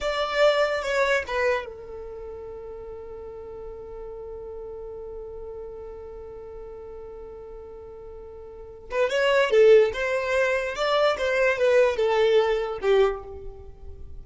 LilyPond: \new Staff \with { instrumentName = "violin" } { \time 4/4 \tempo 4 = 145 d''2 cis''4 b'4 | a'1~ | a'1~ | a'1~ |
a'1~ | a'4. b'8 cis''4 a'4 | c''2 d''4 c''4 | b'4 a'2 g'4 | }